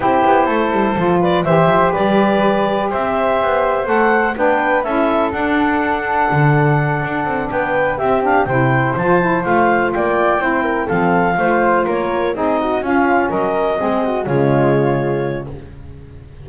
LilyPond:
<<
  \new Staff \with { instrumentName = "clarinet" } { \time 4/4 \tempo 4 = 124 c''2~ c''8 d''8 e''4 | d''2 e''2 | fis''4 g''4 e''4 fis''4~ | fis''2.~ fis''8 g''8~ |
g''8 e''8 f''8 g''4 a''4 f''8~ | f''8 g''2 f''4.~ | f''8 cis''4 dis''4 f''4 dis''8~ | dis''4. cis''2~ cis''8 | }
  \new Staff \with { instrumentName = "flute" } { \time 4/4 g'4 a'4. b'8 c''4 | b'2 c''2~ | c''4 b'4 a'2~ | a'2.~ a'8 b'8~ |
b'8 g'4 c''2~ c''8~ | c''8 d''4 c''8 ais'8 a'4 c''8~ | c''8 ais'4 gis'8 fis'8 f'4 ais'8~ | ais'8 gis'8 fis'8 f'2~ f'8 | }
  \new Staff \with { instrumentName = "saxophone" } { \time 4/4 e'2 f'4 g'4~ | g'1 | a'4 d'4 e'4 d'4~ | d'1~ |
d'8 c'8 d'8 e'4 f'8 e'8 f'8~ | f'4. e'4 c'4 f'8~ | f'4. dis'4 cis'4.~ | cis'8 c'4 gis2~ gis8 | }
  \new Staff \with { instrumentName = "double bass" } { \time 4/4 c'8 b8 a8 g8 f4 e8 f8 | g2 c'4 b4 | a4 b4 cis'4 d'4~ | d'4 d4. d'8 c'8 b8~ |
b8 c'4 c4 f4 a8~ | a8 ais4 c'4 f4 a8~ | a8 ais4 c'4 cis'4 fis8~ | fis8 gis4 cis2~ cis8 | }
>>